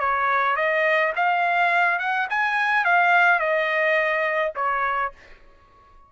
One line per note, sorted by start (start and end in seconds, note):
0.00 0.57 C#5
0.57 1.13 D#5
1.16 2.00 F5
2.00 2.28 F#5
2.30 2.85 G#5
2.85 3.40 F5
3.40 4.53 D#5
4.56 5.13 C#5